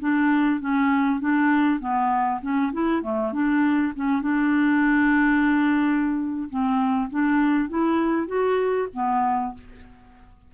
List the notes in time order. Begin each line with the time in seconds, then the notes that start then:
0.00 D4
0.61 C#4
1.20 D4
1.80 B3
2.42 C#4
2.73 E4
3.02 A3
3.33 D4
3.96 C#4
4.22 D4
6.50 C4
7.10 D4
7.69 E4
8.28 F#4
8.94 B3